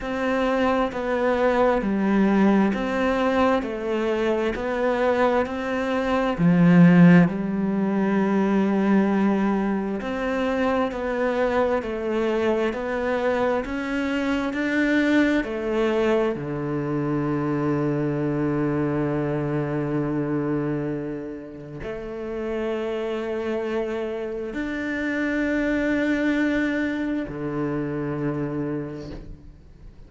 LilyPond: \new Staff \with { instrumentName = "cello" } { \time 4/4 \tempo 4 = 66 c'4 b4 g4 c'4 | a4 b4 c'4 f4 | g2. c'4 | b4 a4 b4 cis'4 |
d'4 a4 d2~ | d1 | a2. d'4~ | d'2 d2 | }